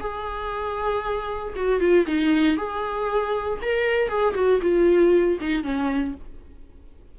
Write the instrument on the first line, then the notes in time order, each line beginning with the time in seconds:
viola
0.00 G#4
1.55 F#4
1.80 F4
2.07 D#4
2.57 G#4
3.62 A#4
4.09 G#4
4.34 F#4
4.62 F4
5.40 D#4
5.63 C#4